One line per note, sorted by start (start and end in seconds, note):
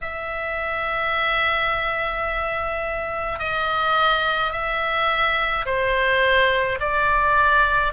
0.01 3.39 E5
3.39 4.51 D#5
4.51 5.64 E5
5.65 6.78 C5
6.79 7.92 D5